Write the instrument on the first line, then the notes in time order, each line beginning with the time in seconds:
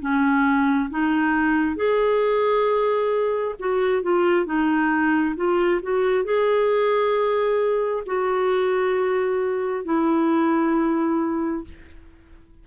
clarinet
0.00 C#4
0.90 D#4
1.76 G#4
3.59 F#4
4.03 F4
4.46 D#4
5.36 F4
5.82 F#4
6.24 G#4
8.06 F#4
9.85 E4